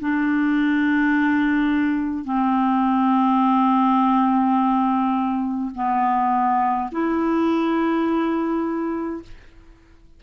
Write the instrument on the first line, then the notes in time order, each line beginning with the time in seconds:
clarinet
0.00 D4
2.24 C4
5.74 B3
6.91 E4